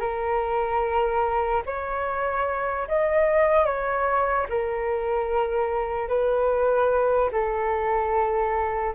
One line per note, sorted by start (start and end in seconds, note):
0.00 1.62 A#4
1.66 2.88 C#5
2.88 3.66 D#5
3.66 4.47 C#5
4.49 6.08 A#4
6.08 7.30 B4
7.32 8.94 A4